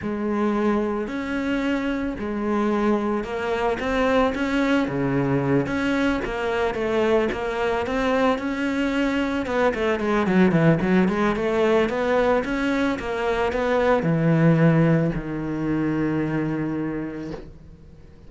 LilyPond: \new Staff \with { instrumentName = "cello" } { \time 4/4 \tempo 4 = 111 gis2 cis'2 | gis2 ais4 c'4 | cis'4 cis4. cis'4 ais8~ | ais8 a4 ais4 c'4 cis'8~ |
cis'4. b8 a8 gis8 fis8 e8 | fis8 gis8 a4 b4 cis'4 | ais4 b4 e2 | dis1 | }